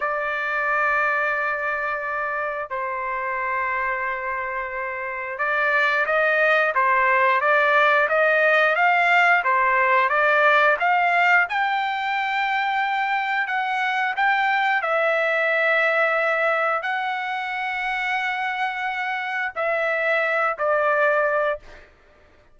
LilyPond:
\new Staff \with { instrumentName = "trumpet" } { \time 4/4 \tempo 4 = 89 d''1 | c''1 | d''4 dis''4 c''4 d''4 | dis''4 f''4 c''4 d''4 |
f''4 g''2. | fis''4 g''4 e''2~ | e''4 fis''2.~ | fis''4 e''4. d''4. | }